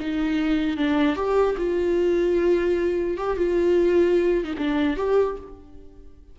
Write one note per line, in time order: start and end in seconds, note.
0.00 0.77 D#4
0.77 1.16 D4
1.16 1.56 G4
1.57 3.17 F4
3.17 3.37 G4
3.37 4.44 F4
4.44 4.54 D#4
4.58 4.96 D4
4.96 5.37 G4